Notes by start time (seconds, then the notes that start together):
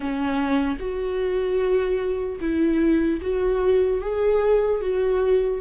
0.00 C#4
0.79 F#4
2.40 E4
3.21 F#4
4.01 G#4
4.81 F#4